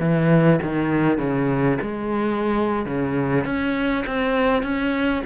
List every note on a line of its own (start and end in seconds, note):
0.00 0.60 E3
0.63 1.19 D#3
1.19 1.79 C#3
1.82 2.86 G#3
2.86 3.45 C#3
3.45 4.05 C#4
4.07 4.63 C4
4.63 5.23 C#4